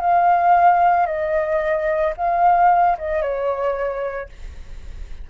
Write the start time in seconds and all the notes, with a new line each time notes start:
0.00 F5
1.06 D#5
2.16 F5
2.98 D#5
3.21 C#5